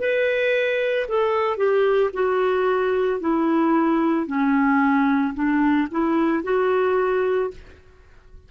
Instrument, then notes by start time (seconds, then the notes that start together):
clarinet
0.00 B4
1.09 A4
1.58 G4
2.14 F#4
3.21 E4
4.27 C#4
5.35 D4
5.91 E4
6.44 F#4